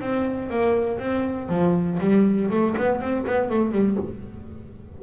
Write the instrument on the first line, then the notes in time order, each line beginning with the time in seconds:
double bass
0.00 C4
0.50 A#3
0.99 C4
1.48 F3
2.00 G3
2.50 A3
2.77 B3
3.00 C4
3.26 B3
3.49 A3
3.71 G3